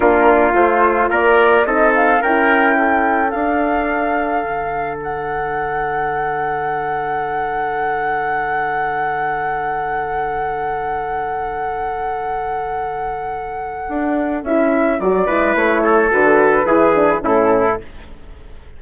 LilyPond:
<<
  \new Staff \with { instrumentName = "flute" } { \time 4/4 \tempo 4 = 108 ais'4 c''4 d''4 dis''8 f''8 | g''2 f''2~ | f''4 fis''2.~ | fis''1~ |
fis''1~ | fis''1~ | fis''2 e''4 d''4 | cis''4 b'2 a'4 | }
  \new Staff \with { instrumentName = "trumpet" } { \time 4/4 f'2 ais'4 a'4 | ais'4 a'2.~ | a'1~ | a'1~ |
a'1~ | a'1~ | a'2.~ a'8 b'8~ | b'8 a'4. gis'4 e'4 | }
  \new Staff \with { instrumentName = "horn" } { \time 4/4 d'4 f'2 dis'4 | e'2 d'2~ | d'1~ | d'1~ |
d'1~ | d'1~ | d'2 e'4 fis'8 e'8~ | e'4 fis'4 e'8 d'8 cis'4 | }
  \new Staff \with { instrumentName = "bassoon" } { \time 4/4 ais4 a4 ais4 c'4 | cis'2 d'2 | d1~ | d1~ |
d1~ | d1~ | d4 d'4 cis'4 fis8 gis8 | a4 d4 e4 a,4 | }
>>